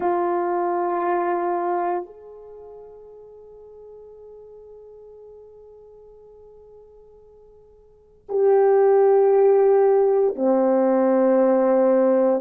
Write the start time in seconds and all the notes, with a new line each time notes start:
0.00 F4
2.05 G#4
8.29 G4
10.35 C4